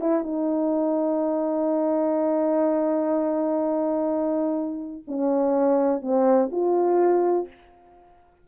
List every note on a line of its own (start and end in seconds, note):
0.00 0.23 E4
0.23 5.03 D#4
5.07 6.01 C#4
6.01 6.49 C4
6.51 7.47 F4